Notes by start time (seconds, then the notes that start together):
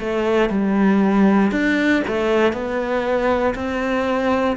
0.00 A3
0.50 G3
1.52 D4
2.08 A3
2.53 B3
3.55 C4